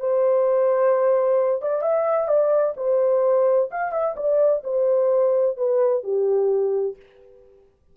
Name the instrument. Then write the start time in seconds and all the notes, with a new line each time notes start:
horn
0.00 C5
1.62 D5
1.82 E5
2.28 D5
2.77 C5
3.71 F5
3.92 E5
4.16 D5
4.64 C5
5.57 B4
6.03 G4